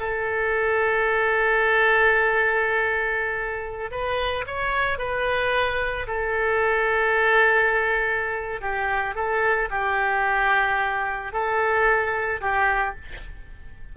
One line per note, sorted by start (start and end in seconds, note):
0.00 3.91 A4
3.91 4.45 B4
4.47 4.99 C#5
4.99 6.07 B4
6.08 8.62 A4
8.62 9.15 G4
9.15 9.70 A4
9.71 11.33 G4
11.33 12.41 A4
12.41 12.95 G4